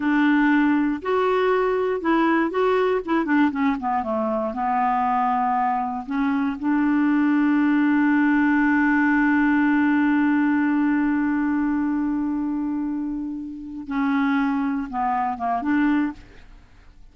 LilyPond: \new Staff \with { instrumentName = "clarinet" } { \time 4/4 \tempo 4 = 119 d'2 fis'2 | e'4 fis'4 e'8 d'8 cis'8 b8 | a4 b2. | cis'4 d'2.~ |
d'1~ | d'1~ | d'2.~ d'8 cis'8~ | cis'4. b4 ais8 d'4 | }